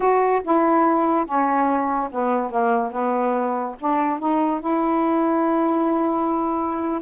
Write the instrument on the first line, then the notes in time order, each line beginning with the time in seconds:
saxophone
0.00 F#4
0.44 E4
1.25 C#4
2.11 B3
2.50 A#3
2.91 B3
3.79 D4
4.19 D#4
4.60 E4